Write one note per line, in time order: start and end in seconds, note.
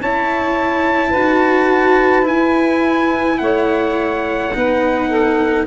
0.00 1.14 C#4
0.00 1.14 E4
0.00 1.09 C#5
0.00 2.27 A5
1.09 2.28 D#4
1.09 2.22 F#4
1.09 3.36 B4
2.22 4.49 E4
2.22 3.37 G#5
2.28 3.40 E4
3.37 4.53 A3
3.37 4.55 C#5
3.37 5.64 F#5
4.54 5.66 B3
4.54 5.66 D#4
4.54 5.08 B4
5.08 5.65 A4